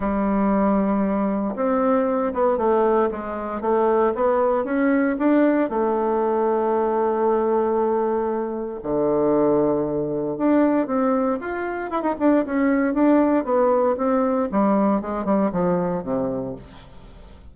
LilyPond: \new Staff \with { instrumentName = "bassoon" } { \time 4/4 \tempo 4 = 116 g2. c'4~ | c'8 b8 a4 gis4 a4 | b4 cis'4 d'4 a4~ | a1~ |
a4 d2. | d'4 c'4 f'4 e'16 dis'16 d'8 | cis'4 d'4 b4 c'4 | g4 gis8 g8 f4 c4 | }